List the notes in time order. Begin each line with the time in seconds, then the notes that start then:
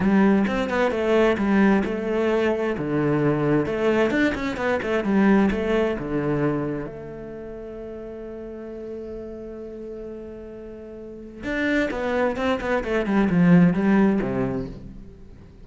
0.00 G3
0.47 C4
0.69 B3
0.91 A3
1.37 G3
1.84 A3
2.78 D3
3.65 A3
4.10 D4
4.34 C#4
4.56 B3
4.82 A3
5.04 G3
5.51 A3
5.99 D3
6.86 A3
11.43 D4
11.90 B3
12.36 C4
12.60 B3
12.83 A3
13.05 G3
13.29 F3
13.73 G3
14.21 C3